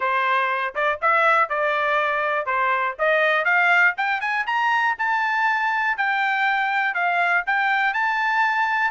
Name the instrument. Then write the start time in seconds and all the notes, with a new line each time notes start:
trumpet
0.00 C5
0.74 D5
1.01 E5
1.49 D5
2.46 C5
2.98 D#5
3.44 F5
3.97 G5
4.20 G#5
4.46 A#5
4.98 A5
5.97 G5
6.94 F5
7.46 G5
7.93 A5